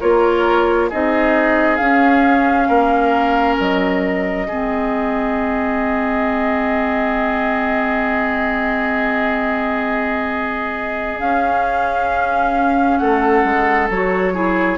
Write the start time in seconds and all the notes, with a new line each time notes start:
0.00 A#3 F4 A#4 C#5
0.89 C4 D#4 G#4 D#5
1.76 C#4 F5
2.68 A#3 A#4
3.59 F#3 D#5
4.47 G#3 C4 G#4
11.19 C#4 F5
12.98 A3 A4 F#5
13.44 G#3
13.90 F#3 F#4 C#5
14.33 E4 G#4